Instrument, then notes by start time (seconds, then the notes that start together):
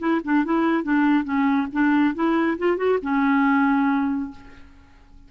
clarinet
0.00 E4
0.25 D4
0.45 E4
0.84 D4
1.25 C#4
1.73 D4
2.15 E4
2.59 F4
2.78 F#4
3.03 C#4